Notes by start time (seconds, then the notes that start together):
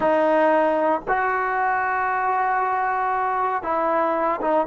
0.00 D#4
1.08 F#4
3.62 E4
4.41 D#4